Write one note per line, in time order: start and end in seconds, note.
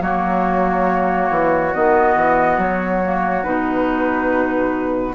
0.00 1.29 F#3
0.00 1.72 A#3
0.00 5.14 F#4
0.00 1.73 C#5
1.30 1.72 E3
1.73 2.16 D#3
1.73 3.02 B3
1.73 2.59 D#5
2.16 2.57 E3
2.57 3.43 F#3
2.57 3.43 C#5
3.02 3.43 A#3
3.43 5.14 B2
3.43 5.14 D#4
3.43 5.14 B4